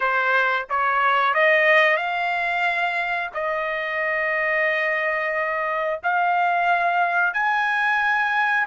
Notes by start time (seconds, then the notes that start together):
0.00 C5
0.69 C#5
1.34 D#5
1.96 F5
3.33 D#5
6.03 F5
7.33 G#5